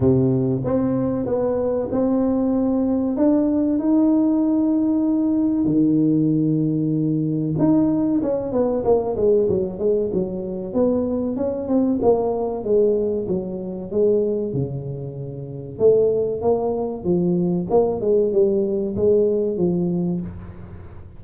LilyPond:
\new Staff \with { instrumentName = "tuba" } { \time 4/4 \tempo 4 = 95 c4 c'4 b4 c'4~ | c'4 d'4 dis'2~ | dis'4 dis2. | dis'4 cis'8 b8 ais8 gis8 fis8 gis8 |
fis4 b4 cis'8 c'8 ais4 | gis4 fis4 gis4 cis4~ | cis4 a4 ais4 f4 | ais8 gis8 g4 gis4 f4 | }